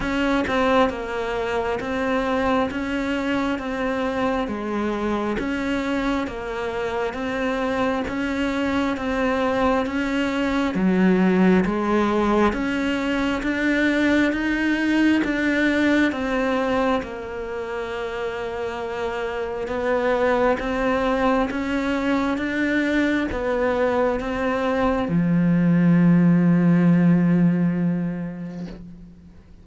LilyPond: \new Staff \with { instrumentName = "cello" } { \time 4/4 \tempo 4 = 67 cis'8 c'8 ais4 c'4 cis'4 | c'4 gis4 cis'4 ais4 | c'4 cis'4 c'4 cis'4 | fis4 gis4 cis'4 d'4 |
dis'4 d'4 c'4 ais4~ | ais2 b4 c'4 | cis'4 d'4 b4 c'4 | f1 | }